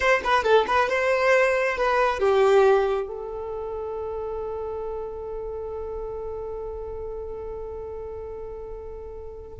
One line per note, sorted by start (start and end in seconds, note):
0.00 0.21 C5
0.23 0.43 B4
0.43 0.65 A4
0.67 0.89 B4
0.89 1.77 C5
1.77 2.19 B4
2.19 3.07 G4
3.07 9.58 A4